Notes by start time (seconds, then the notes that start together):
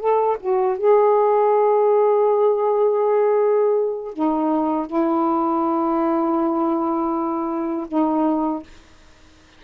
0.00 A4
0.41 F#4
0.78 G#4
4.14 D#4
4.87 E4
7.88 D#4